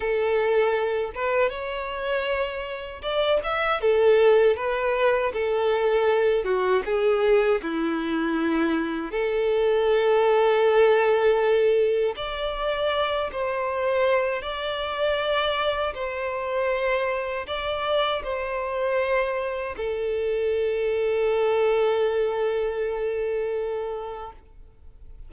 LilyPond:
\new Staff \with { instrumentName = "violin" } { \time 4/4 \tempo 4 = 79 a'4. b'8 cis''2 | d''8 e''8 a'4 b'4 a'4~ | a'8 fis'8 gis'4 e'2 | a'1 |
d''4. c''4. d''4~ | d''4 c''2 d''4 | c''2 a'2~ | a'1 | }